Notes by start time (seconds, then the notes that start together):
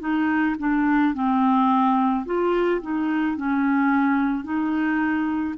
0.00 D#4
0.59 D4
1.14 C4
2.26 F4
2.82 D#4
3.37 C#4
4.44 D#4